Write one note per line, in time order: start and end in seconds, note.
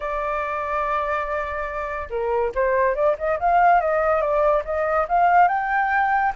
0.00 2.08 D5
2.10 2.52 A#4
2.55 2.95 C5
2.95 3.16 D5
3.18 3.39 D#5
3.39 3.80 F5
3.80 4.21 D#5
4.21 4.63 D5
4.64 5.07 D#5
5.08 5.48 F5
5.48 6.32 G5